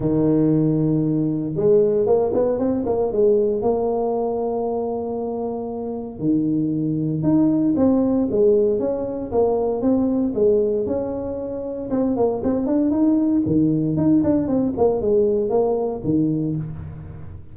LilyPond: \new Staff \with { instrumentName = "tuba" } { \time 4/4 \tempo 4 = 116 dis2. gis4 | ais8 b8 c'8 ais8 gis4 ais4~ | ais1 | dis2 dis'4 c'4 |
gis4 cis'4 ais4 c'4 | gis4 cis'2 c'8 ais8 | c'8 d'8 dis'4 dis4 dis'8 d'8 | c'8 ais8 gis4 ais4 dis4 | }